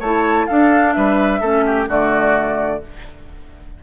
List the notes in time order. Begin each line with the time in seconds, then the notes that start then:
0.00 A3 E4 C#5 A5
0.47 D4 A4 F5
0.93 G3 B4 E5
1.41 A3 C#4 A4
1.66 G4
1.88 D3 A3 F#4 D5